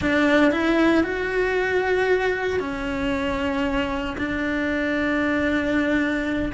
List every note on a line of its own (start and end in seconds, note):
0.01 0.51 D4
0.51 1.03 E4
1.03 2.59 F#4
2.59 4.16 C#4
4.17 6.52 D4